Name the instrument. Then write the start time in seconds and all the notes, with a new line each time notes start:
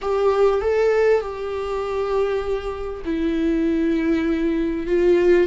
viola
0.01 G4
0.61 A4
1.20 G4
3.05 E4
4.87 F4